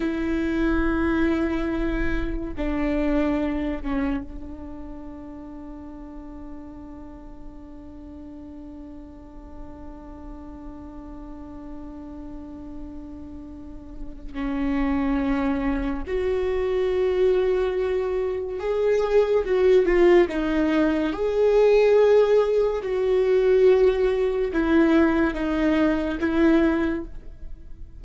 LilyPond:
\new Staff \with { instrumentName = "viola" } { \time 4/4 \tempo 4 = 71 e'2. d'4~ | d'8 cis'8 d'2.~ | d'1~ | d'1~ |
d'4 cis'2 fis'4~ | fis'2 gis'4 fis'8 f'8 | dis'4 gis'2 fis'4~ | fis'4 e'4 dis'4 e'4 | }